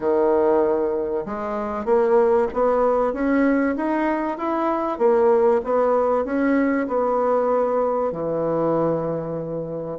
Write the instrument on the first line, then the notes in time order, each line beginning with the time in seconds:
bassoon
0.00 D#3
1.25 G#3
1.85 A#3
2.53 B3
3.13 C#4
3.76 D#4
4.38 E4
4.98 A#3
5.64 B3
6.24 C#4
6.87 B3
8.11 E3